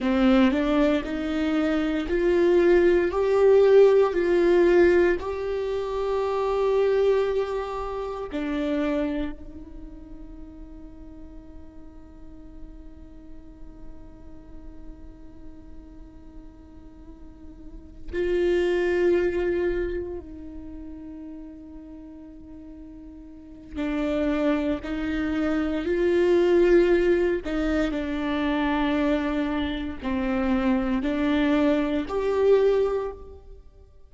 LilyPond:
\new Staff \with { instrumentName = "viola" } { \time 4/4 \tempo 4 = 58 c'8 d'8 dis'4 f'4 g'4 | f'4 g'2. | d'4 dis'2.~ | dis'1~ |
dis'4. f'2 dis'8~ | dis'2. d'4 | dis'4 f'4. dis'8 d'4~ | d'4 c'4 d'4 g'4 | }